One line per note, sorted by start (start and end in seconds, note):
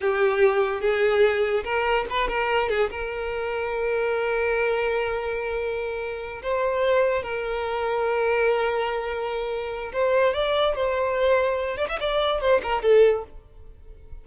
0.01 0.80 G4
0.80 1.63 G#4
1.64 2.05 A#4
2.10 2.27 B4
2.27 2.69 A#4
2.69 2.90 G#4
2.90 6.42 A#4
6.42 7.22 C5
7.22 9.91 A#4
9.92 10.34 C5
10.34 10.75 D5
10.75 11.77 C5
11.77 11.87 D5
11.89 11.99 E5
12.00 12.40 D5
12.40 12.61 C5
12.62 12.82 A#4
12.82 13.24 A4